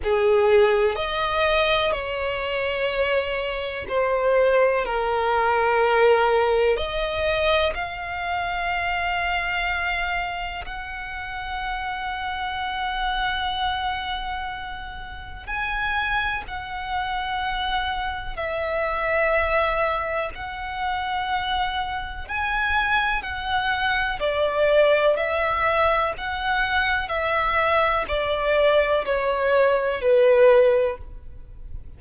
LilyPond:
\new Staff \with { instrumentName = "violin" } { \time 4/4 \tempo 4 = 62 gis'4 dis''4 cis''2 | c''4 ais'2 dis''4 | f''2. fis''4~ | fis''1 |
gis''4 fis''2 e''4~ | e''4 fis''2 gis''4 | fis''4 d''4 e''4 fis''4 | e''4 d''4 cis''4 b'4 | }